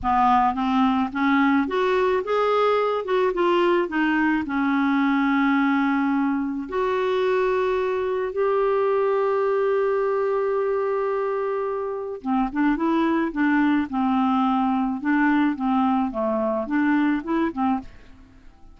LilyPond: \new Staff \with { instrumentName = "clarinet" } { \time 4/4 \tempo 4 = 108 b4 c'4 cis'4 fis'4 | gis'4. fis'8 f'4 dis'4 | cis'1 | fis'2. g'4~ |
g'1~ | g'2 c'8 d'8 e'4 | d'4 c'2 d'4 | c'4 a4 d'4 e'8 c'8 | }